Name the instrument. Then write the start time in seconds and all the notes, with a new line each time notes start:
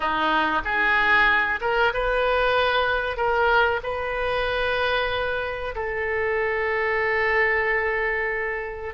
oboe
0.00 D#4
0.64 G#4
1.60 A#4
1.93 B4
3.16 A#4
3.83 B4
5.75 A4